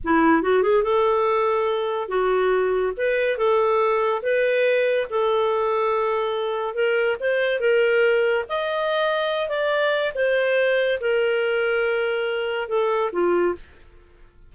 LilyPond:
\new Staff \with { instrumentName = "clarinet" } { \time 4/4 \tempo 4 = 142 e'4 fis'8 gis'8 a'2~ | a'4 fis'2 b'4 | a'2 b'2 | a'1 |
ais'4 c''4 ais'2 | dis''2~ dis''8 d''4. | c''2 ais'2~ | ais'2 a'4 f'4 | }